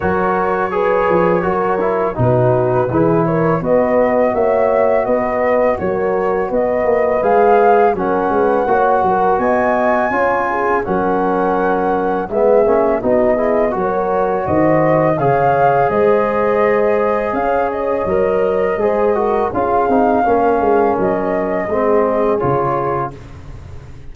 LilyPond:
<<
  \new Staff \with { instrumentName = "flute" } { \time 4/4 \tempo 4 = 83 cis''2. b'4~ | b'8 cis''8 dis''4 e''4 dis''4 | cis''4 dis''4 f''4 fis''4~ | fis''4 gis''2 fis''4~ |
fis''4 e''4 dis''4 cis''4 | dis''4 f''4 dis''2 | f''8 dis''2~ dis''8 f''4~ | f''4 dis''2 cis''4 | }
  \new Staff \with { instrumentName = "horn" } { \time 4/4 ais'4 b'4 ais'4 fis'4 | gis'8 ais'8 b'4 cis''4 b'4 | ais'4 b'2 ais'8 b'8 | cis''8 ais'8 dis''4 cis''8 gis'8 ais'4~ |
ais'4 gis'4 fis'8 gis'8 ais'4 | c''4 cis''4 c''2 | cis''2 c''8 ais'8 gis'4 | ais'2 gis'2 | }
  \new Staff \with { instrumentName = "trombone" } { \time 4/4 fis'4 gis'4 fis'8 e'8 dis'4 | e'4 fis'2.~ | fis'2 gis'4 cis'4 | fis'2 f'4 cis'4~ |
cis'4 b8 cis'8 dis'8 e'8 fis'4~ | fis'4 gis'2.~ | gis'4 ais'4 gis'8 fis'8 f'8 dis'8 | cis'2 c'4 f'4 | }
  \new Staff \with { instrumentName = "tuba" } { \time 4/4 fis4. f8 fis4 b,4 | e4 b4 ais4 b4 | fis4 b8 ais8 gis4 fis8 gis8 | ais8 fis8 b4 cis'4 fis4~ |
fis4 gis8 ais8 b4 fis4 | dis4 cis4 gis2 | cis'4 fis4 gis4 cis'8 c'8 | ais8 gis8 fis4 gis4 cis4 | }
>>